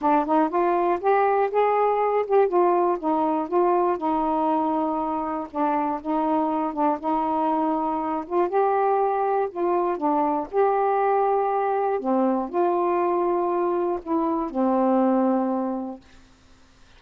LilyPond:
\new Staff \with { instrumentName = "saxophone" } { \time 4/4 \tempo 4 = 120 d'8 dis'8 f'4 g'4 gis'4~ | gis'8 g'8 f'4 dis'4 f'4 | dis'2. d'4 | dis'4. d'8 dis'2~ |
dis'8 f'8 g'2 f'4 | d'4 g'2. | c'4 f'2. | e'4 c'2. | }